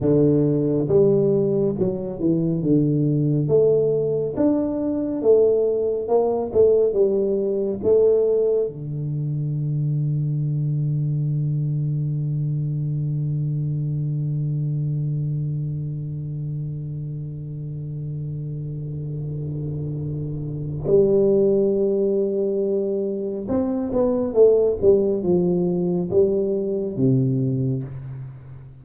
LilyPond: \new Staff \with { instrumentName = "tuba" } { \time 4/4 \tempo 4 = 69 d4 g4 fis8 e8 d4 | a4 d'4 a4 ais8 a8 | g4 a4 d2~ | d1~ |
d1~ | d1 | g2. c'8 b8 | a8 g8 f4 g4 c4 | }